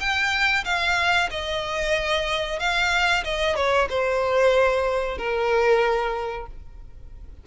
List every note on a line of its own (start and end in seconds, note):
0.00 0.65 G5
0.65 1.29 F5
1.30 2.60 D#5
2.60 3.24 F5
3.24 3.56 D#5
3.56 3.88 C#5
3.89 5.18 C5
5.18 6.47 A#4